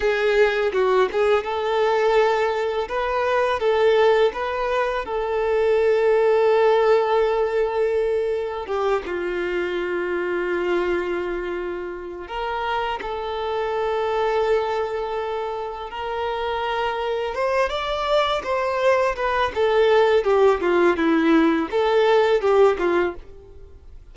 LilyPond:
\new Staff \with { instrumentName = "violin" } { \time 4/4 \tempo 4 = 83 gis'4 fis'8 gis'8 a'2 | b'4 a'4 b'4 a'4~ | a'1 | g'8 f'2.~ f'8~ |
f'4 ais'4 a'2~ | a'2 ais'2 | c''8 d''4 c''4 b'8 a'4 | g'8 f'8 e'4 a'4 g'8 f'8 | }